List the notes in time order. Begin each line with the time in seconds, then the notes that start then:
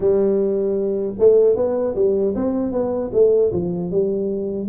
0.00 G3
1.19 A3
1.55 B3
1.95 G3
2.35 C4
2.72 B3
3.13 A3
3.52 F3
3.91 G3